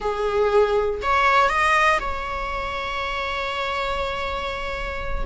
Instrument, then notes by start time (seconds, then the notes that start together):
viola
0.00 G#4
1.02 C#5
1.49 D#5
1.99 C#5